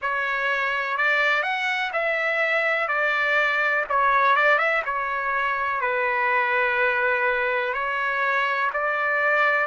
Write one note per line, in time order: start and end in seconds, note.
0.01 0.97 C#5
0.97 1.43 D5
1.43 1.91 F#5
1.92 2.88 E5
2.88 3.84 D5
3.89 4.35 C#5
4.35 4.58 D5
4.58 4.82 E5
4.85 5.80 C#5
5.80 7.73 B4
7.73 8.70 C#5
8.73 9.66 D5